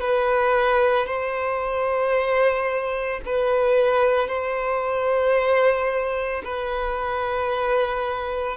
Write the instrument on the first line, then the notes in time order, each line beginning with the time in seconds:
violin
0.00 B4
1.06 C5
3.25 B4
4.28 C5
6.44 B4